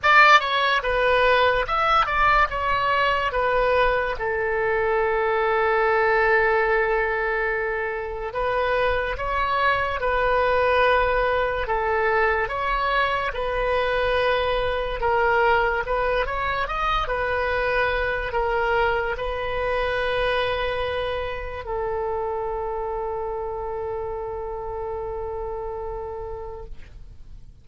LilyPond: \new Staff \with { instrumentName = "oboe" } { \time 4/4 \tempo 4 = 72 d''8 cis''8 b'4 e''8 d''8 cis''4 | b'4 a'2.~ | a'2 b'4 cis''4 | b'2 a'4 cis''4 |
b'2 ais'4 b'8 cis''8 | dis''8 b'4. ais'4 b'4~ | b'2 a'2~ | a'1 | }